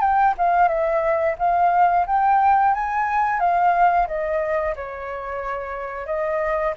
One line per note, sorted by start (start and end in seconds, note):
0.00 0.34 G5
0.37 0.68 F5
0.68 1.35 E5
1.38 2.06 F5
2.06 2.74 G5
2.74 3.39 G#5
3.39 4.07 F5
4.07 4.74 D#5
4.76 6.06 C#5
6.06 6.74 D#5